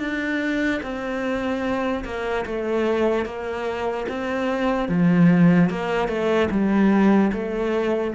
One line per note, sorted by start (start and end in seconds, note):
0.00 0.81 D4
0.83 2.05 C4
2.05 2.45 A#3
2.46 3.26 A3
3.26 4.07 A#3
4.09 4.89 C4
4.89 5.70 F3
5.70 6.08 A#3
6.08 6.49 A3
6.51 7.32 G3
7.33 8.14 A3